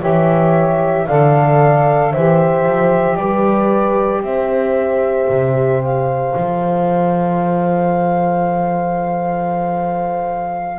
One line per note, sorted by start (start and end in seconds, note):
0.00 1.07 E3
0.00 1.05 G4
0.00 1.06 C#5
0.00 1.06 E5
1.06 2.13 D3
1.06 2.14 A4
1.06 2.11 D5
1.06 2.12 F5
2.11 2.65 E3
2.11 6.33 G4
2.11 3.17 C5
2.11 3.16 E5
2.65 3.17 F3
3.16 4.22 G3
3.16 4.22 B4
3.16 4.21 D5
4.22 5.27 C4
4.22 10.79 C5
4.22 5.81 E5
5.29 6.34 C3
5.81 10.79 F5
6.33 10.79 F3
6.33 10.79 A4